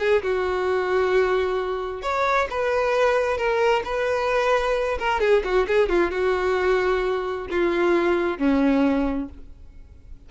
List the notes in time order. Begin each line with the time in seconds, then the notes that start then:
0.00 G#4
0.23 F#4
2.03 C#5
2.50 B4
3.38 A#4
3.85 B4
5.00 A#4
5.21 G#4
5.44 F#4
5.68 G#4
5.89 F4
6.12 F#4
7.50 F4
8.39 C#4